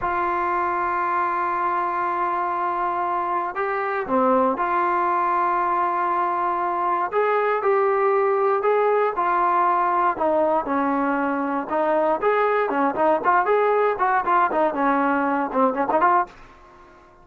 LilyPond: \new Staff \with { instrumentName = "trombone" } { \time 4/4 \tempo 4 = 118 f'1~ | f'2. g'4 | c'4 f'2.~ | f'2 gis'4 g'4~ |
g'4 gis'4 f'2 | dis'4 cis'2 dis'4 | gis'4 cis'8 dis'8 f'8 gis'4 fis'8 | f'8 dis'8 cis'4. c'8 cis'16 dis'16 f'8 | }